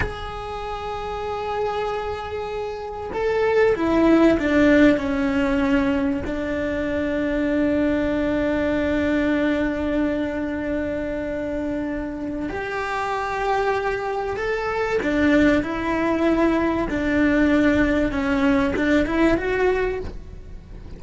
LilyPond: \new Staff \with { instrumentName = "cello" } { \time 4/4 \tempo 4 = 96 gis'1~ | gis'4 a'4 e'4 d'4 | cis'2 d'2~ | d'1~ |
d'1 | g'2. a'4 | d'4 e'2 d'4~ | d'4 cis'4 d'8 e'8 fis'4 | }